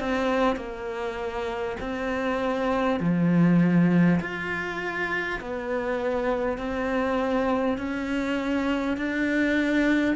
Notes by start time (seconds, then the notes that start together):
0.00 C4
0.56 A#3
1.81 C4
3.00 F3
4.21 F4
5.41 B3
6.58 C4
7.78 C#4
8.97 D4